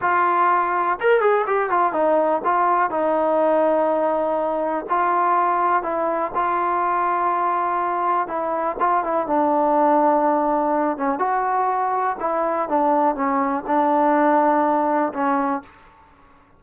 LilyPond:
\new Staff \with { instrumentName = "trombone" } { \time 4/4 \tempo 4 = 123 f'2 ais'8 gis'8 g'8 f'8 | dis'4 f'4 dis'2~ | dis'2 f'2 | e'4 f'2.~ |
f'4 e'4 f'8 e'8 d'4~ | d'2~ d'8 cis'8 fis'4~ | fis'4 e'4 d'4 cis'4 | d'2. cis'4 | }